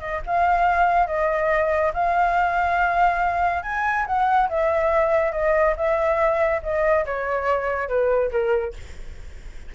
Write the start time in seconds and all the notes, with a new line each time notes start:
0.00 D#5
0.26 F5
1.07 D#5
1.94 F5
3.63 G#5
4.06 F#5
4.49 E5
5.32 D#5
5.76 E5
6.63 D#5
7.06 C#5
7.88 B4
8.31 A#4